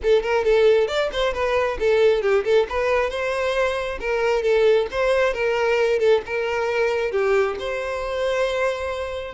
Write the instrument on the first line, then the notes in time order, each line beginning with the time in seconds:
violin
0.02 A4
0.22 A#4
0.44 A4
0.87 D5
1.12 C5
1.33 B4
1.79 A4
2.21 G4
2.44 A4
2.69 B4
3.09 C5
4.00 A#4
4.42 A4
4.91 C5
5.33 A#4
5.99 A4
6.26 A#4
7.11 G4
7.59 C5